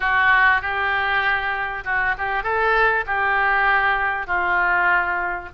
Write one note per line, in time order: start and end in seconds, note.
0.00 0.61 F#4
0.61 1.84 G4
1.84 2.15 F#4
2.18 2.43 G4
2.43 3.04 A4
3.06 4.26 G4
4.26 5.49 F4